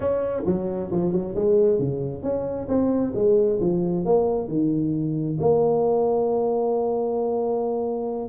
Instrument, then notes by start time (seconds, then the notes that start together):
tuba
0.00 C#4
0.45 F#3
0.91 F3
1.12 F#3
1.35 G#3
1.78 C#3
2.22 C#4
2.68 C4
3.14 G#3
3.60 F3
4.05 A#3
4.48 D#3
5.40 A#3